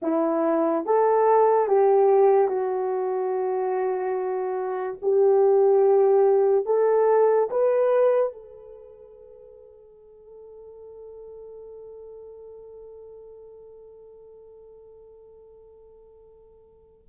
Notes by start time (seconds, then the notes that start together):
0.02 E4
0.85 A4
1.67 G4
2.48 F#4
5.02 G4
6.65 A4
7.50 B4
8.32 A4